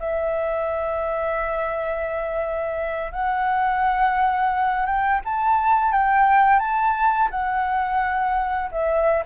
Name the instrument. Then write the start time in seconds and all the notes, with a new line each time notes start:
flute
0.00 E5
3.12 F#5
4.86 G5
5.25 A5
5.92 G5
6.60 A5
7.31 F#5
8.72 E5